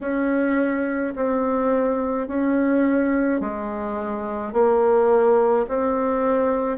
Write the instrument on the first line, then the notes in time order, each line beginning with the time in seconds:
bassoon
0.01 C#4
1.15 C4
2.27 C#4
3.40 G#3
4.52 A#3
5.68 C4